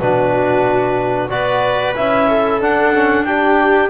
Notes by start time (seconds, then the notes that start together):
0.00 B2 D4 F#4 B4
1.29 B3 F#4 B4 D5
1.96 C#4 E4 E5
2.28 A4
2.61 D4 F#5
2.94 C#4
3.25 D4 G4 G5